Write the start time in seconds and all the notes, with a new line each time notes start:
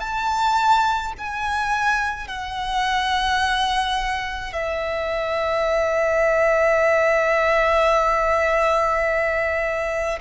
0.00 A5
1.18 G#5
2.27 F#5
4.53 E5